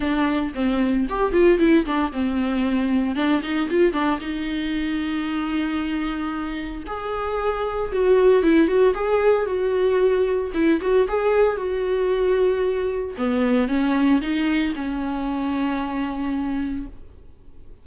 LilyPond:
\new Staff \with { instrumentName = "viola" } { \time 4/4 \tempo 4 = 114 d'4 c'4 g'8 f'8 e'8 d'8 | c'2 d'8 dis'8 f'8 d'8 | dis'1~ | dis'4 gis'2 fis'4 |
e'8 fis'8 gis'4 fis'2 | e'8 fis'8 gis'4 fis'2~ | fis'4 b4 cis'4 dis'4 | cis'1 | }